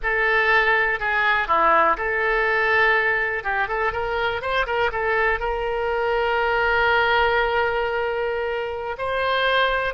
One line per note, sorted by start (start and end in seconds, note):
0.02 0.99 A4
0.99 1.47 G#4
1.47 1.96 E4
1.97 3.43 A4
3.43 3.68 G4
3.68 3.92 A4
3.92 4.41 A#4
4.41 4.66 C5
4.66 4.90 A#4
4.92 5.39 A4
5.39 8.96 A#4
8.98 9.94 C5